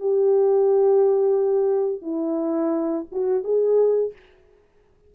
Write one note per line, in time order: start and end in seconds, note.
0.00 2.02 G4
2.02 3.06 E4
3.12 3.44 F#4
3.44 4.13 G#4